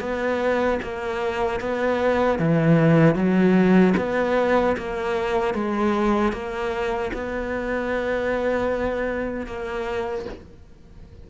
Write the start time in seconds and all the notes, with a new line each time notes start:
0.00 B3
0.82 A#3
1.60 B3
2.39 E3
3.15 F#3
3.97 B3
4.77 A#3
5.54 G#3
6.32 A#3
7.13 B3
9.46 A#3